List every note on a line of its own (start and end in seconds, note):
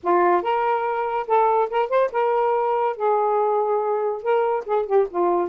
0.03 0.42 F4
0.42 1.26 A#4
1.27 1.69 A4
1.70 1.89 A#4
1.89 2.10 C5
2.12 2.96 A#4
2.96 4.22 G#4
4.22 4.64 A#4
4.65 4.86 G#4
4.86 5.07 G4
5.10 5.49 F4